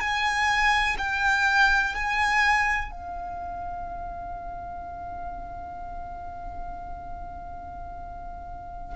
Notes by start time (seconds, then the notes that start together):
0.00 G#5
0.99 G5
1.95 G#5
2.92 F5